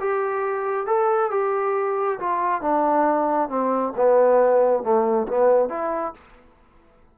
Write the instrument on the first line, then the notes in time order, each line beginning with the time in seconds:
trombone
0.00 G4
0.87 A4
1.31 G4
2.19 F4
2.61 D4
3.49 C4
3.96 B3
4.83 A3
5.28 B3
5.69 E4